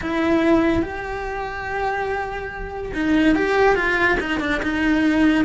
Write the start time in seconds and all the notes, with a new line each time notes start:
0.01 E4
0.82 G4
2.93 D#4
3.35 G4
3.75 F4
4.19 D#4
4.40 D4
4.62 D#4